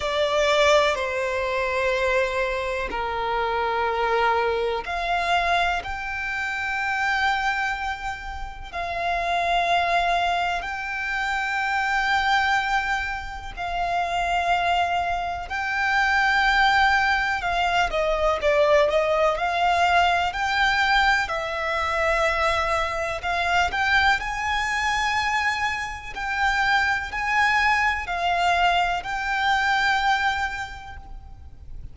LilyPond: \new Staff \with { instrumentName = "violin" } { \time 4/4 \tempo 4 = 62 d''4 c''2 ais'4~ | ais'4 f''4 g''2~ | g''4 f''2 g''4~ | g''2 f''2 |
g''2 f''8 dis''8 d''8 dis''8 | f''4 g''4 e''2 | f''8 g''8 gis''2 g''4 | gis''4 f''4 g''2 | }